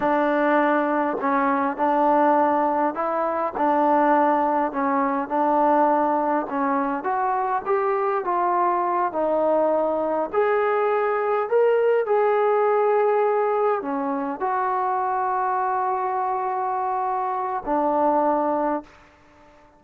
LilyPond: \new Staff \with { instrumentName = "trombone" } { \time 4/4 \tempo 4 = 102 d'2 cis'4 d'4~ | d'4 e'4 d'2 | cis'4 d'2 cis'4 | fis'4 g'4 f'4. dis'8~ |
dis'4. gis'2 ais'8~ | ais'8 gis'2. cis'8~ | cis'8 fis'2.~ fis'8~ | fis'2 d'2 | }